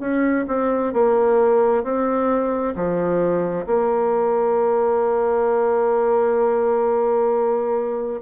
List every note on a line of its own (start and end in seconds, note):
0.00 0.45 C#4
0.48 0.93 C4
0.93 1.83 A#3
1.83 2.74 C4
2.75 3.66 F3
3.66 8.21 A#3